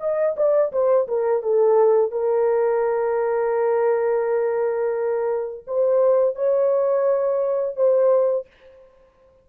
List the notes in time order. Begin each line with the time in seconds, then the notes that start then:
0.00 D#5
0.37 D5
0.72 C5
1.08 A#4
1.42 A4
2.11 A#4
5.67 C5
6.35 C#5
7.76 C5